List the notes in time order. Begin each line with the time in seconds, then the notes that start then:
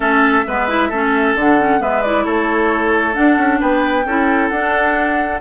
0.00 A3 C#4 A4 E5
0.47 G#3 B3 B4
0.68 E4
0.89 A3 C#4 A4
1.34 D3 D4 F#5
1.59 C#4
1.79 G#3 B3 B4 E5
2.02 E4 D5
2.24 A3 A4 C#5
3.13 D4 F#5
3.37 C#4
3.60 B3 B4 G5
4.05 C#4 E4 A4
4.48 D4 F#5